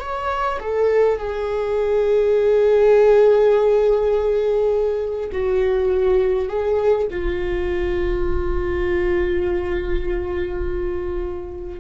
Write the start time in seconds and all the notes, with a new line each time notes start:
0.00 C#5
0.60 A4
1.18 G#4
5.32 F#4
6.49 G#4
7.10 F4